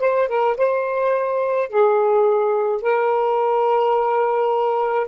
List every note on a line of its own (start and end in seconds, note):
0.00 0.28 C5
0.29 0.57 A#4
0.57 1.69 C5
1.69 2.83 G#4
2.83 5.08 A#4